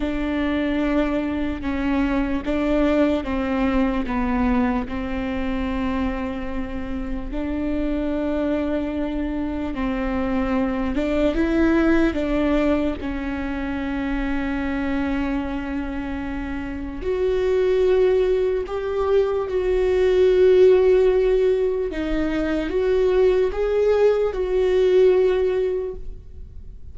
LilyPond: \new Staff \with { instrumentName = "viola" } { \time 4/4 \tempo 4 = 74 d'2 cis'4 d'4 | c'4 b4 c'2~ | c'4 d'2. | c'4. d'8 e'4 d'4 |
cis'1~ | cis'4 fis'2 g'4 | fis'2. dis'4 | fis'4 gis'4 fis'2 | }